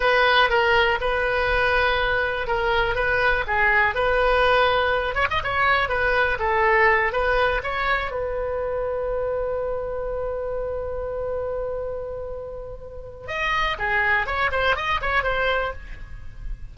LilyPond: \new Staff \with { instrumentName = "oboe" } { \time 4/4 \tempo 4 = 122 b'4 ais'4 b'2~ | b'4 ais'4 b'4 gis'4 | b'2~ b'8 cis''16 dis''16 cis''4 | b'4 a'4. b'4 cis''8~ |
cis''8 b'2.~ b'8~ | b'1~ | b'2. dis''4 | gis'4 cis''8 c''8 dis''8 cis''8 c''4 | }